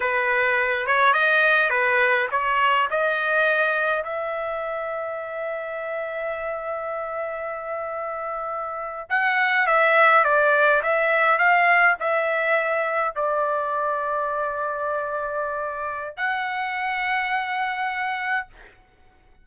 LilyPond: \new Staff \with { instrumentName = "trumpet" } { \time 4/4 \tempo 4 = 104 b'4. cis''8 dis''4 b'4 | cis''4 dis''2 e''4~ | e''1~ | e''2.~ e''8. fis''16~ |
fis''8. e''4 d''4 e''4 f''16~ | f''8. e''2 d''4~ d''16~ | d''1 | fis''1 | }